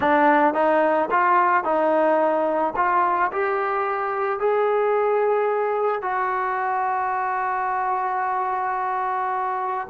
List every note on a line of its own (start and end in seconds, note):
0.00 0.54 D4
0.54 1.09 D#4
1.10 1.64 F4
1.64 2.74 D#4
2.76 3.31 F4
3.32 4.39 G4
4.39 6.02 G#4
6.02 9.87 F#4